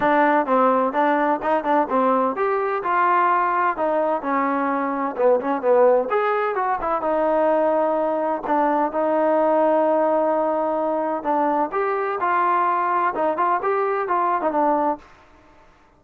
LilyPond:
\new Staff \with { instrumentName = "trombone" } { \time 4/4 \tempo 4 = 128 d'4 c'4 d'4 dis'8 d'8 | c'4 g'4 f'2 | dis'4 cis'2 b8 cis'8 | b4 gis'4 fis'8 e'8 dis'4~ |
dis'2 d'4 dis'4~ | dis'1 | d'4 g'4 f'2 | dis'8 f'8 g'4 f'8. dis'16 d'4 | }